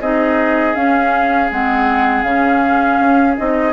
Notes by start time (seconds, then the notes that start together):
0.00 C4 D#4 G#4 D#5
0.74 C#4 F5
1.51 G#3 C4 F#5
2.22 C#3 C#4 F5
2.99 C#4
3.37 C4 D#4 D#5